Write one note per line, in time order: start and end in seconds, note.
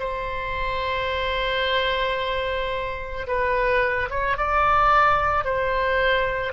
0.00 3.27 C5
3.28 4.10 B4
4.11 4.38 C#5
4.38 5.45 D5
5.45 6.54 C5